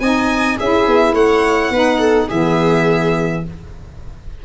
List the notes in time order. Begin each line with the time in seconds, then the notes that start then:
0.00 C4 D#4 D#5 G#5
0.57 C#4 E4 G#4 E5
0.87 B3
1.13 A3 C#5 F#5
1.70 B3 D#4 B4
1.99 A4
2.28 E3 B3 G#4 E5